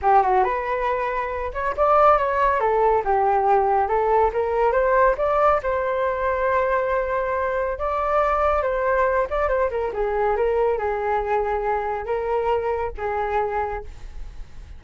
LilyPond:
\new Staff \with { instrumentName = "flute" } { \time 4/4 \tempo 4 = 139 g'8 fis'8 b'2~ b'8 cis''8 | d''4 cis''4 a'4 g'4~ | g'4 a'4 ais'4 c''4 | d''4 c''2.~ |
c''2 d''2 | c''4. d''8 c''8 ais'8 gis'4 | ais'4 gis'2. | ais'2 gis'2 | }